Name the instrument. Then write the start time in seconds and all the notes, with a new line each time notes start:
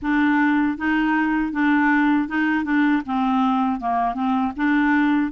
clarinet
0.02 D4
0.77 D#4
1.52 D4
2.28 D#4
2.64 D4
3.06 C4
3.80 A#3
4.14 C4
4.56 D4